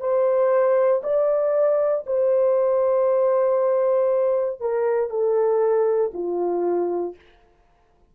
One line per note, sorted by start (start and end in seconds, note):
0.00 1.02 C5
1.03 2.05 D5
2.07 4.60 C5
4.60 5.10 A#4
5.10 6.12 A4
6.13 7.15 F4